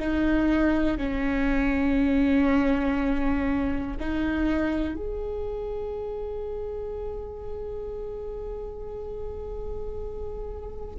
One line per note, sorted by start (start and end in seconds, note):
0.00 0.98 D#4
0.98 3.98 C#4
4.00 4.96 D#4
4.96 10.96 G#4